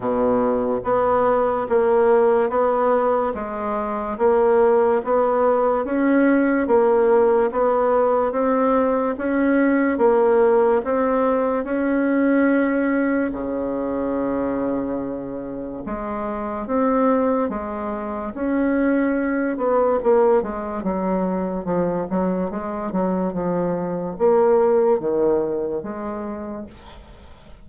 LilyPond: \new Staff \with { instrumentName = "bassoon" } { \time 4/4 \tempo 4 = 72 b,4 b4 ais4 b4 | gis4 ais4 b4 cis'4 | ais4 b4 c'4 cis'4 | ais4 c'4 cis'2 |
cis2. gis4 | c'4 gis4 cis'4. b8 | ais8 gis8 fis4 f8 fis8 gis8 fis8 | f4 ais4 dis4 gis4 | }